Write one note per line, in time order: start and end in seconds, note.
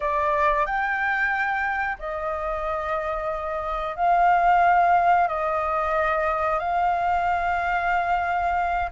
0.00 0.66 D5
0.66 1.98 G5
1.98 3.96 D#5
3.96 5.27 F5
5.28 6.59 D#5
6.59 8.90 F5